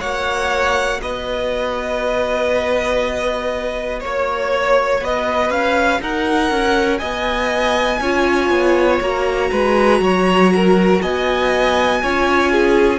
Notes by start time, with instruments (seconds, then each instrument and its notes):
0.00 cello A#3, viola F#4, violin C#5 F#5
1.02 cello B3, violin B4 D#5
4.00 cello A#3, violin C#5
4.06 violin C#5
5.01 cello B3, violin B4 D#5
5.51 cello C#4, violin F5
6.01 cello D#4, violin A#4 F#5
6.51 cello C#4
6.98 cello B3, violin D#5 G#5
8.00 cello C#4, viola F4, violin C#5
8.50 cello B3
9.01 cello A#3, viola F#4, violin A#5
9.51 cello G#3, violin B4
10.01 cello F#3, violin C#5
10.55 violin A#4
11.02 cello B3, violin D#5 G#5
12.03 cello C#4, viola F4, violin C#5
12.52 violin G#4